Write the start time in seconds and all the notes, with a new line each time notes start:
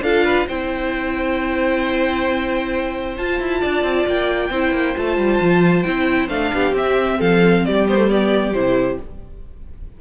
0.00 D4 F4 A4 F5
0.24 B4
0.46 C4 E4 C5 G5
3.17 F4 A5
3.40 E4
3.60 D4 D5
3.82 C4
4.06 A#3 G5
4.49 C4 E4 C5
4.72 A#3
4.95 A3 F4 A5
5.17 G3
5.41 F3
5.82 C4 E4 G5
6.28 A3 D4 F5
6.54 B3 G4
6.72 C4 E5
7.19 F3 A4 F5
7.65 G3 G4 D5
7.88 B3 C5
7.97 A3
8.07 B3 D5
8.53 C3 E4 C5